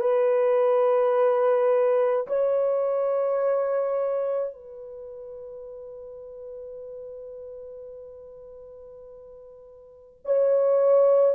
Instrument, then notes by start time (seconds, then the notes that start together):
horn
0.00 B4
2.27 C#5
4.53 B4
10.25 C#5